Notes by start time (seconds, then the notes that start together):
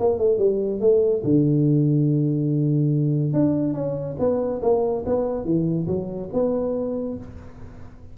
0.00 A#3
0.19 A3
0.38 G3
0.81 A3
1.24 D3
3.33 D4
3.74 C#4
4.19 B3
4.62 A#3
5.06 B3
5.45 E3
5.88 F#3
6.33 B3